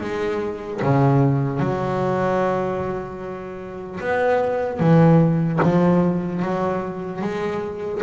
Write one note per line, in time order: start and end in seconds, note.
0.00 0.80 G#3
0.82 1.59 C#3
1.59 3.99 F#3
4.00 4.79 B3
4.79 5.59 E3
5.62 6.42 F3
6.42 7.21 F#3
7.21 8.01 G#3